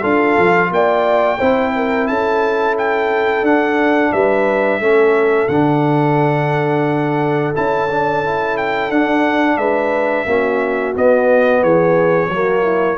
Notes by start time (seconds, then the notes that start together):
0.00 D4 F4 A4 F5
0.38 F3
0.70 A#3 D5 G5
1.37 C4 E4 C5
1.75 A#4
2.07 C#4 A4 A5
2.78 G5
3.42 D4 F#5
4.12 G3 B4 E5
4.79 A3 C#4 A4
5.48 D3 D4 F#5
7.54 C#4 E4 A5
7.90 D4
8.24 E4
8.57 G5
8.89 D4 F#5
9.57 G#3 B4 E5
10.26 A#3 C#4 F#4
10.93 B3 D#5
11.62 E3 G#4 C#5
12.28 F#3 A#3 F#4
12.62 E4